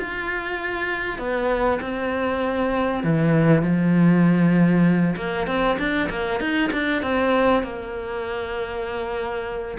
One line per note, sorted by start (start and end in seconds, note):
0.00 1.19 F4
1.19 1.80 B3
1.82 3.04 C4
3.04 3.63 E3
3.63 5.16 F3
5.17 5.47 A#3
5.47 5.78 C4
5.79 6.10 D4
6.10 6.40 A#3
6.40 6.71 D#4
6.73 7.03 D4
7.03 7.64 C4
7.64 9.78 A#3